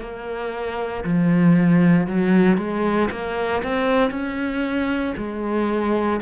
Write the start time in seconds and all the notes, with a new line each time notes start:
0.00 A#3
1.04 F3
2.07 F#3
2.58 G#3
3.11 A#3
3.63 C4
4.11 C#4
5.17 G#3